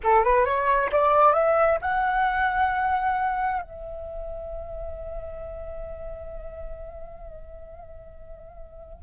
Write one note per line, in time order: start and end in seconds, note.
0.03 0.24 A4
0.24 0.45 B4
0.45 0.90 C#5
0.91 1.33 D5
1.33 1.78 E5
1.81 3.62 F#5
3.62 9.03 E5